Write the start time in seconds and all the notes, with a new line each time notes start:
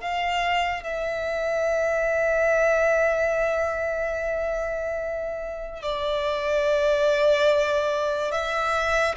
0.00 F5
0.83 E5
5.82 D5
8.31 E5